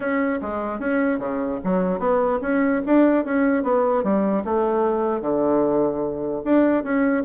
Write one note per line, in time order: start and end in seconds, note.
0.00 0.39 C#4
0.41 0.79 G#3
0.79 1.18 C#4
1.18 1.59 C#3
1.64 1.99 F#3
1.99 2.39 B3
2.41 2.81 C#4
2.86 3.24 D4
3.24 3.63 C#4
3.63 4.03 B3
4.03 4.43 G3
4.44 5.21 A3
5.21 6.42 D3
6.44 6.83 D4
6.83 7.23 C#4